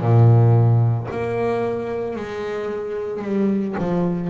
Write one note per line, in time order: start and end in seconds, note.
0.00 1.07 A#2
1.10 2.16 A#3
2.16 3.22 G#3
3.22 3.75 G3
3.78 4.30 F3